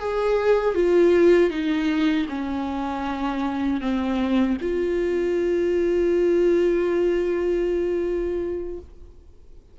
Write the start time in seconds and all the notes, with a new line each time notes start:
0.00 G#4
0.75 F4
1.51 D#4
2.29 C#4
3.81 C4
4.62 F4